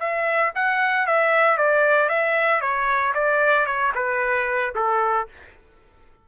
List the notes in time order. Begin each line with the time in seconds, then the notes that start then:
0.00 E5
0.55 F#5
1.07 E5
1.57 D5
2.09 E5
2.61 C#5
3.15 D5
3.66 C#5
3.95 B4
4.75 A4